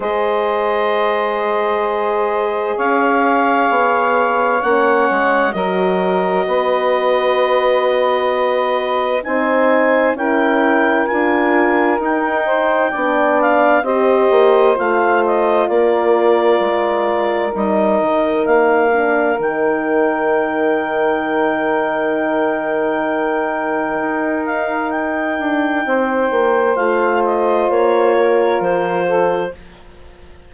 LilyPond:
<<
  \new Staff \with { instrumentName = "clarinet" } { \time 4/4 \tempo 4 = 65 dis''2. f''4~ | f''4 fis''4 dis''2~ | dis''2 gis''4 g''4 | gis''4 g''4. f''8 dis''4 |
f''8 dis''8 d''2 dis''4 | f''4 g''2.~ | g''2~ g''8 f''8 g''4~ | g''4 f''8 dis''8 cis''4 c''4 | }
  \new Staff \with { instrumentName = "saxophone" } { \time 4/4 c''2. cis''4~ | cis''2 ais'4 b'4~ | b'2 c''4 ais'4~ | ais'4. c''8 d''4 c''4~ |
c''4 ais'2.~ | ais'1~ | ais'1 | c''2~ c''8 ais'4 a'8 | }
  \new Staff \with { instrumentName = "horn" } { \time 4/4 gis'1~ | gis'4 cis'4 fis'2~ | fis'2 dis'4 e'4 | f'4 dis'4 d'4 g'4 |
f'2. dis'4~ | dis'8 d'8 dis'2.~ | dis'1~ | dis'4 f'2. | }
  \new Staff \with { instrumentName = "bassoon" } { \time 4/4 gis2. cis'4 | b4 ais8 gis8 fis4 b4~ | b2 c'4 cis'4 | d'4 dis'4 b4 c'8 ais8 |
a4 ais4 gis4 g8 dis8 | ais4 dis2.~ | dis2 dis'4. d'8 | c'8 ais8 a4 ais4 f4 | }
>>